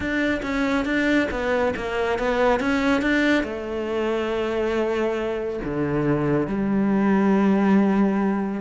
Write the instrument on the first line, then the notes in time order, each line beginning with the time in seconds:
cello
0.00 D4
0.42 C#4
0.85 D4
1.30 B3
1.76 A#3
2.18 B3
2.60 C#4
3.01 D4
3.43 A3
5.64 D3
6.47 G3